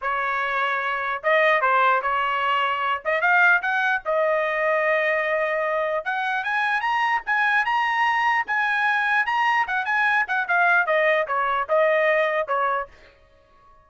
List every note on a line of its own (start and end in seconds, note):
0.01 1.22 C#5
1.23 1.61 D#5
1.61 2.01 C5
2.01 3.02 C#5
3.04 3.21 D#5
3.21 3.61 F5
3.61 4.02 F#5
4.05 6.04 D#5
6.04 6.44 F#5
6.44 6.81 G#5
6.81 7.21 A#5
7.26 7.65 G#5
7.65 8.45 A#5
8.46 9.26 G#5
9.26 9.66 A#5
9.67 9.85 F#5
9.85 10.25 G#5
10.27 10.47 F#5
10.48 10.86 F5
10.86 11.26 D#5
11.27 11.67 C#5
11.69 12.47 D#5
12.47 12.87 C#5